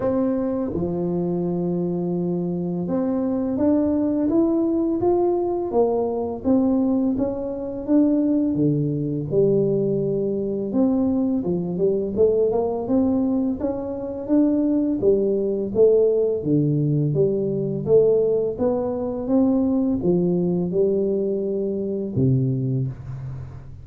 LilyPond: \new Staff \with { instrumentName = "tuba" } { \time 4/4 \tempo 4 = 84 c'4 f2. | c'4 d'4 e'4 f'4 | ais4 c'4 cis'4 d'4 | d4 g2 c'4 |
f8 g8 a8 ais8 c'4 cis'4 | d'4 g4 a4 d4 | g4 a4 b4 c'4 | f4 g2 c4 | }